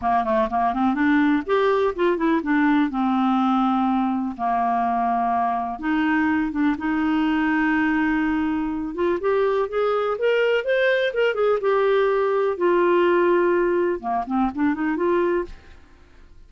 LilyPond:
\new Staff \with { instrumentName = "clarinet" } { \time 4/4 \tempo 4 = 124 ais8 a8 ais8 c'8 d'4 g'4 | f'8 e'8 d'4 c'2~ | c'4 ais2. | dis'4. d'8 dis'2~ |
dis'2~ dis'8 f'8 g'4 | gis'4 ais'4 c''4 ais'8 gis'8 | g'2 f'2~ | f'4 ais8 c'8 d'8 dis'8 f'4 | }